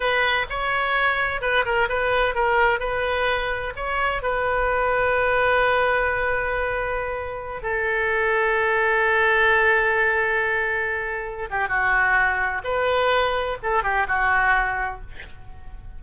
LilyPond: \new Staff \with { instrumentName = "oboe" } { \time 4/4 \tempo 4 = 128 b'4 cis''2 b'8 ais'8 | b'4 ais'4 b'2 | cis''4 b'2.~ | b'1~ |
b'16 a'2.~ a'8.~ | a'1~ | a'8 g'8 fis'2 b'4~ | b'4 a'8 g'8 fis'2 | }